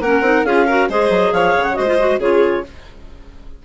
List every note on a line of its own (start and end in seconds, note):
0.00 0.20 A#3
0.00 0.23 C#4
0.00 0.46 A#4
0.00 0.45 F#5
0.20 0.42 C4
0.20 0.45 D#4
0.45 0.89 C#4
0.45 0.68 F4
0.45 0.66 G#4
0.45 0.89 F5
0.66 0.89 F#4
0.66 0.88 A#4
0.89 1.09 G#3
0.89 1.74 G#4
0.89 1.33 C5
0.89 1.32 D#5
1.09 1.31 F#3
1.32 1.54 F3
1.32 1.78 C#5
1.32 1.63 F5
1.57 1.78 C#3
1.63 1.74 F#5
1.74 2.19 G#3
1.74 1.84 F#4
1.74 2.19 C5
1.74 2.18 D#5
1.87 1.98 F4
1.99 2.20 F#4
2.19 2.63 C#3
2.19 2.64 F4
2.19 2.63 G#4
2.19 2.65 C#5